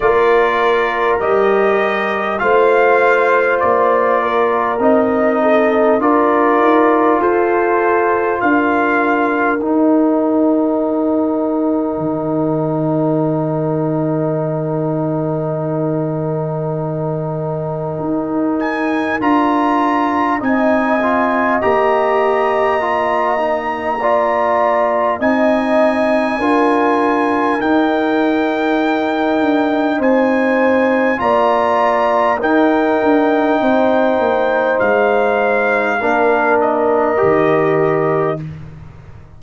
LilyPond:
<<
  \new Staff \with { instrumentName = "trumpet" } { \time 4/4 \tempo 4 = 50 d''4 dis''4 f''4 d''4 | dis''4 d''4 c''4 f''4 | g''1~ | g''2.~ g''8 gis''8 |
ais''4 gis''4 ais''2~ | ais''4 gis''2 g''4~ | g''4 gis''4 ais''4 g''4~ | g''4 f''4. dis''4. | }
  \new Staff \with { instrumentName = "horn" } { \time 4/4 ais'2 c''4. ais'8~ | ais'8 a'8 ais'4 a'4 ais'4~ | ais'1~ | ais'1~ |
ais'4 dis''2. | d''4 dis''4 ais'2~ | ais'4 c''4 d''4 ais'4 | c''2 ais'2 | }
  \new Staff \with { instrumentName = "trombone" } { \time 4/4 f'4 g'4 f'2 | dis'4 f'2. | dis'1~ | dis'1 |
f'4 dis'8 f'8 g'4 f'8 dis'8 | f'4 dis'4 f'4 dis'4~ | dis'2 f'4 dis'4~ | dis'2 d'4 g'4 | }
  \new Staff \with { instrumentName = "tuba" } { \time 4/4 ais4 g4 a4 ais4 | c'4 d'8 dis'8 f'4 d'4 | dis'2 dis2~ | dis2. dis'4 |
d'4 c'4 ais2~ | ais4 c'4 d'4 dis'4~ | dis'8 d'8 c'4 ais4 dis'8 d'8 | c'8 ais8 gis4 ais4 dis4 | }
>>